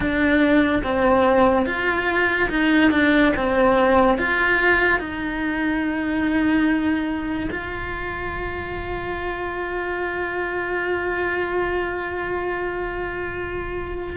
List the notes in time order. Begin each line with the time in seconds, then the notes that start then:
0.00 D4
0.83 C4
1.66 F4
2.49 D#4
2.91 D4
3.36 C4
4.17 F4
4.99 D#4
7.50 F4